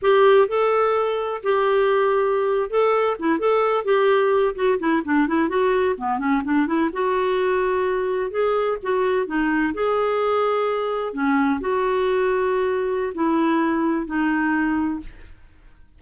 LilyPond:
\new Staff \with { instrumentName = "clarinet" } { \time 4/4 \tempo 4 = 128 g'4 a'2 g'4~ | g'4.~ g'16 a'4 e'8 a'8.~ | a'16 g'4. fis'8 e'8 d'8 e'8 fis'16~ | fis'8. b8 cis'8 d'8 e'8 fis'4~ fis'16~ |
fis'4.~ fis'16 gis'4 fis'4 dis'16~ | dis'8. gis'2. cis'16~ | cis'8. fis'2.~ fis'16 | e'2 dis'2 | }